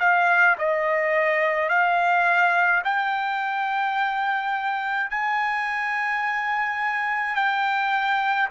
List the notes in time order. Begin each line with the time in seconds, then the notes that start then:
0.00 F5
0.59 D#5
1.69 F5
2.85 G5
5.10 G#5
7.36 G5